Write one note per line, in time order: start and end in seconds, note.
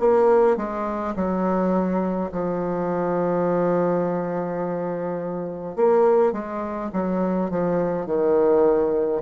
0.00 0.57 A#3
0.57 1.15 G#3
1.16 2.31 F#3
2.32 5.76 F3
5.76 6.33 A#3
6.33 6.91 G#3
6.93 7.51 F#3
7.51 8.07 F3
8.07 9.22 D#3